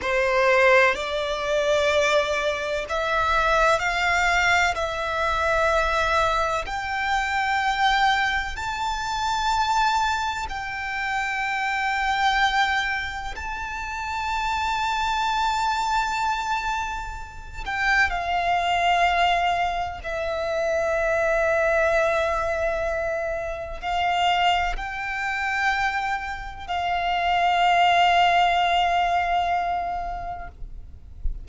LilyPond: \new Staff \with { instrumentName = "violin" } { \time 4/4 \tempo 4 = 63 c''4 d''2 e''4 | f''4 e''2 g''4~ | g''4 a''2 g''4~ | g''2 a''2~ |
a''2~ a''8 g''8 f''4~ | f''4 e''2.~ | e''4 f''4 g''2 | f''1 | }